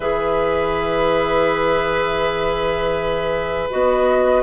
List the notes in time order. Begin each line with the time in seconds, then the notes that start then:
0.00 E3 G#4 B4 E5
3.70 B3 F#4 D#5